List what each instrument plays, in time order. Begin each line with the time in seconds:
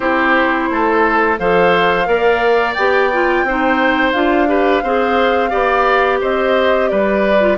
0.00 bassoon C4, clarinet E4, oboe G4, flute C5
0.70 bassoon A3, oboe A4
1.39 bassoon F3, clarinet A4, oboe C5, flute F5
2.05 bassoon A#3, clarinet A#4, oboe D5
2.73 bassoon B3, clarinet G4, flute G5
3.12 clarinet F4
3.43 bassoon C4, clarinet D#4, oboe C5
4.12 bassoon D4, clarinet F4, flute F5
4.47 clarinet G4, oboe B4
4.83 bassoon C4, clarinet G#4, oboe C5
5.50 bassoon B3, clarinet G4, oboe D5
6.20 bassoon C4, oboe C5, flute D#5
6.88 bassoon G3, oboe B4, flute D5
7.40 clarinet F4